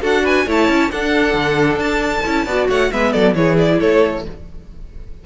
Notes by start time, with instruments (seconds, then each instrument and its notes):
0.00 cello D4, viola F#4, violin A4 F#5
0.23 violin B4 G#5
0.46 cello A3, viola E4, violin C#5 A5
0.68 cello C#4
0.90 viola D4, cello D4, violin A4 F#5
1.33 cello D3
1.76 cello D4, violin A5
2.25 cello C#4, viola E4
2.45 cello B3, viola F#4, violin D5
2.68 cello A3, violin C#5 F#5
2.92 cello G#3, viola B3, violin B4 E5
3.12 cello F#3, violin A4 D5
3.34 cello E3, viola E4, violin G#4 C#5
3.57 violin D5
3.79 cello A3, violin A4 C#5